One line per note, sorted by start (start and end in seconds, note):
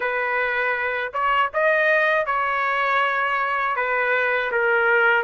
0.00 1.12 B4
1.12 1.50 C#5
1.53 2.26 D#5
2.26 3.76 C#5
3.76 4.51 B4
4.51 5.23 A#4